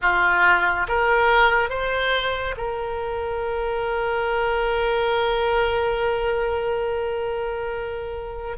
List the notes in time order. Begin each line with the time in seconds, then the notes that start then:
0.01 F4
0.88 A#4
1.69 C5
2.57 A#4